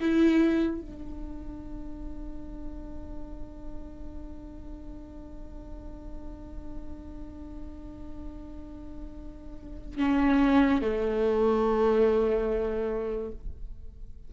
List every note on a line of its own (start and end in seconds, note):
0.00 0.81 E4
0.81 9.98 D4
9.98 10.81 C#4
10.81 13.31 A3